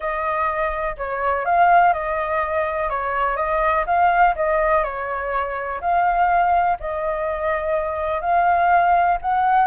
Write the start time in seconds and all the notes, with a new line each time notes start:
0.00 D#5
0.97 C#5
1.45 F5
1.93 D#5
2.89 C#5
3.36 D#5
3.86 F5
4.35 D#5
4.83 C#5
5.80 F5
6.80 D#5
8.21 F5
9.21 F#5